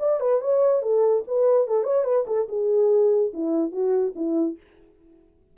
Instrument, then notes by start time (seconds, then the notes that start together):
horn
0.00 D5
0.21 B4
0.42 C#5
0.83 A4
1.28 B4
1.68 A4
1.84 C#5
2.05 B4
2.27 A4
2.49 G#4
3.34 E4
3.72 F#4
4.16 E4